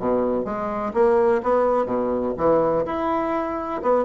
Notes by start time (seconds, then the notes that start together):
0.00 B2
0.45 G#3
0.94 A#3
1.43 B3
1.86 B2
2.38 E3
2.86 E4
3.83 B3